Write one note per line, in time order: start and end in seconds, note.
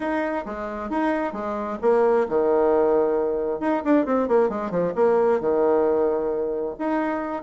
0.00 0.44 D#4
0.45 0.89 G#3
0.89 1.32 D#4
1.32 1.78 G#3
1.81 2.27 A#3
2.28 3.60 D#3
3.60 3.82 D#4
3.84 4.05 D4
4.05 4.28 C4
4.28 4.49 A#3
4.49 4.70 G#3
4.70 4.93 F3
4.95 5.40 A#3
5.40 6.75 D#3
6.79 7.43 D#4